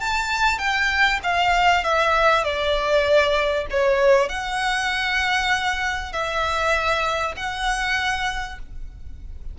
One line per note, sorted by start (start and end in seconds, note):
0.00 0.58 A5
0.58 1.19 G5
1.23 1.84 F5
1.84 2.44 E5
2.44 3.66 D5
3.70 4.29 C#5
4.29 6.12 F#5
6.12 7.35 E5
7.36 8.59 F#5